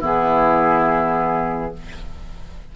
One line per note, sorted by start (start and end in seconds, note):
0.00 1.73 E3
0.00 1.73 B3
0.00 1.71 E4
0.00 1.76 G#4